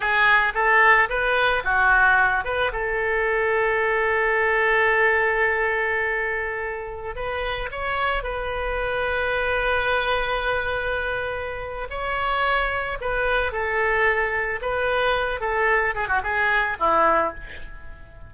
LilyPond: \new Staff \with { instrumentName = "oboe" } { \time 4/4 \tempo 4 = 111 gis'4 a'4 b'4 fis'4~ | fis'8 b'8 a'2.~ | a'1~ | a'4~ a'16 b'4 cis''4 b'8.~ |
b'1~ | b'2 cis''2 | b'4 a'2 b'4~ | b'8 a'4 gis'16 fis'16 gis'4 e'4 | }